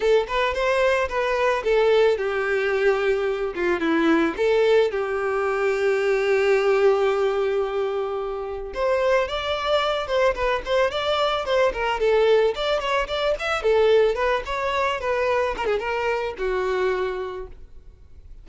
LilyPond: \new Staff \with { instrumentName = "violin" } { \time 4/4 \tempo 4 = 110 a'8 b'8 c''4 b'4 a'4 | g'2~ g'8 f'8 e'4 | a'4 g'2.~ | g'1 |
c''4 d''4. c''8 b'8 c''8 | d''4 c''8 ais'8 a'4 d''8 cis''8 | d''8 e''8 a'4 b'8 cis''4 b'8~ | b'8 ais'16 gis'16 ais'4 fis'2 | }